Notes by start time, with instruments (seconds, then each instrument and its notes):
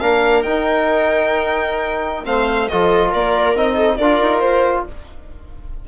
0.00 bassoon A#3, trombone D4, viola A#4, violin F5
0.42 trombone D#4, bassoon D#4, violin G5
2.24 bassoon A3, trombone C4, viola C5, violin F5
2.68 bassoon F3, trombone F4, viola A4, violin D#5
3.10 bassoon A#3, viola A#4, violin D5
3.55 bassoon C4, trombone D#4, violin D#5
3.74 viola A4
3.97 bassoon D4, trombone F4, viola A#4, violin D5
4.21 bassoon D#4
4.39 bassoon F4, violin C5